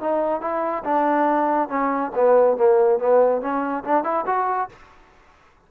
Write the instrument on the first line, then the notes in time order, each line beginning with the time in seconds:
trombone
0.00 D#4
0.41 E4
0.84 D4
1.69 C#4
2.15 B3
2.57 A#3
2.99 B3
3.41 C#4
3.84 D4
4.04 E4
4.26 F#4